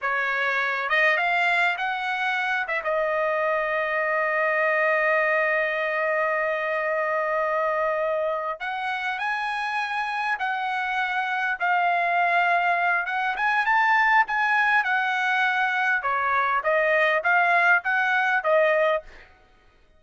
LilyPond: \new Staff \with { instrumentName = "trumpet" } { \time 4/4 \tempo 4 = 101 cis''4. dis''8 f''4 fis''4~ | fis''8 e''16 dis''2.~ dis''16~ | dis''1~ | dis''2~ dis''8 fis''4 gis''8~ |
gis''4. fis''2 f''8~ | f''2 fis''8 gis''8 a''4 | gis''4 fis''2 cis''4 | dis''4 f''4 fis''4 dis''4 | }